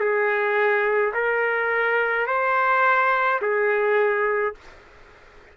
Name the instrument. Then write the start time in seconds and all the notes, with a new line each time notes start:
trumpet
0.00 G#4
1.14 A#4
2.27 C5
3.42 G#4